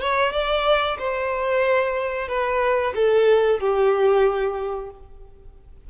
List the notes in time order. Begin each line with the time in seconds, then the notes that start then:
0.00 C#5
0.32 D5
0.98 C5
2.28 B4
2.95 A4
3.59 G4